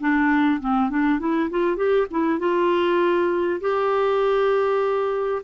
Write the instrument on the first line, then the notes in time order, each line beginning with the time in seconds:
clarinet
0.00 D4
0.60 C4
0.90 D4
1.19 E4
1.50 F4
1.76 G4
2.10 E4
2.39 F4
3.60 G4